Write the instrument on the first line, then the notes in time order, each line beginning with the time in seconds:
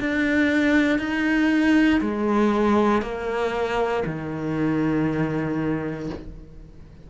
cello
0.00 D4
0.99 D#4
2.01 G#3
3.02 A#3
4.06 D#3